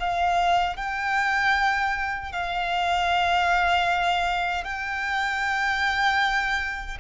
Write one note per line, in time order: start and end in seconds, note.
0.00 0.77 F5
0.77 2.33 G5
2.33 4.64 F5
4.64 6.98 G5